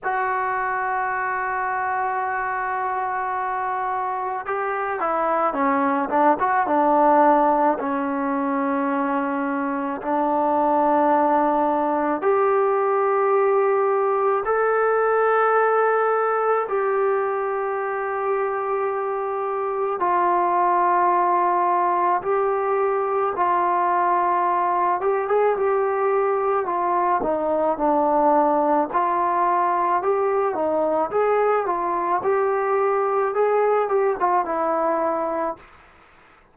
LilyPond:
\new Staff \with { instrumentName = "trombone" } { \time 4/4 \tempo 4 = 54 fis'1 | g'8 e'8 cis'8 d'16 fis'16 d'4 cis'4~ | cis'4 d'2 g'4~ | g'4 a'2 g'4~ |
g'2 f'2 | g'4 f'4. g'16 gis'16 g'4 | f'8 dis'8 d'4 f'4 g'8 dis'8 | gis'8 f'8 g'4 gis'8 g'16 f'16 e'4 | }